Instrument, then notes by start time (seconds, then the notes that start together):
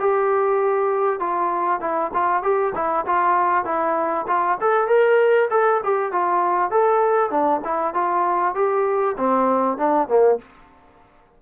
trombone
0.00 G4
1.20 F4
1.81 E4
2.14 F4
2.43 G4
2.75 E4
3.06 F4
3.65 E4
4.28 F4
4.61 A4
4.88 A#4
5.51 A4
5.84 G4
6.13 F4
6.71 A4
7.31 D4
7.65 E4
7.94 F4
8.55 G4
9.18 C4
9.78 D4
10.08 A#3